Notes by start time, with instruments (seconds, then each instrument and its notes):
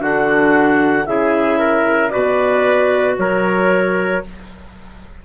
0.00 bassoon D3, clarinet D4 F#5, trumpet F#4
1.07 bassoon C#3, clarinet E4 E5, trumpet G#4
1.59 trumpet A#4
2.10 bassoon B2, clarinet F#4 D5, trumpet B4
3.18 bassoon F#3, trumpet A#4, clarinet C#5